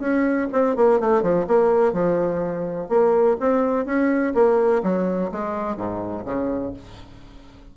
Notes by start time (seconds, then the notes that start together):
0.00 C#4
0.53 C4
0.76 A#3
1.00 A3
1.23 F3
1.48 A#3
1.93 F3
2.89 A#3
3.40 C4
3.86 C#4
4.35 A#3
4.84 F#3
5.32 G#3
5.77 G#2
6.26 C#3